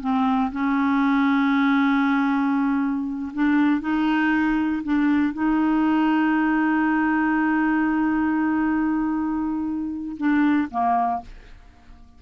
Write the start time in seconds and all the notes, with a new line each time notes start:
0.00 C4
0.52 C#4
3.33 D4
3.80 D#4
4.83 D4
5.33 D#4
10.17 D4
10.70 A#3